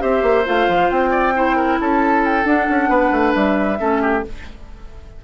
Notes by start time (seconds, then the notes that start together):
0.00 C4 G4 C5 E5
0.23 A#3
0.46 A3 F4 F5
0.68 F3
0.91 C4 G5
1.11 D5
1.35 E4 C5
1.57 A#4
1.80 C#4 A4 A5
2.25 G5
2.45 D4 F#5
2.70 C#4
2.89 B3 B4
3.12 A3
3.35 G3 E5
3.78 A3 C#4 A4
4.02 G4